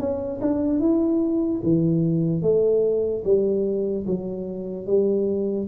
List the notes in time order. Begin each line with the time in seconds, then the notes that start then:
0.00 C#4
0.42 D4
0.80 E4
1.64 E3
2.43 A3
3.25 G3
4.07 F#3
4.87 G3